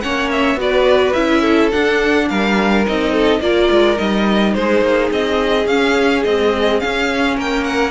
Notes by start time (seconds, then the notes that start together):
0.00 A#3 C#4 C#5 F#5
0.31 E5
0.55 B3 F#4 B4 D5
1.13 C#4 E4 E5
1.41 A4
1.71 D4 F#5
2.28 G3 A#4 F5
2.86 C4 D#4 D#5
3.12 A4
3.40 A#3 F4 A#4 D5
3.70 G#3
3.95 G3 D#4 D#5
4.53 G#3 G#4 C5
4.81 A#3
5.10 C4 D#5
5.66 C#4 F5
6.23 G#3 C4 D#5
6.80 C#4 F5
7.35 A#3 A#4 G5
7.64 F#5